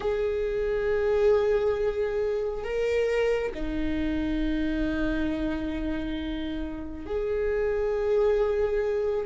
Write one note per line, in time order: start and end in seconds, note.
0.00 2.64 G#4
2.64 3.52 A#4
3.54 7.05 D#4
7.05 9.26 G#4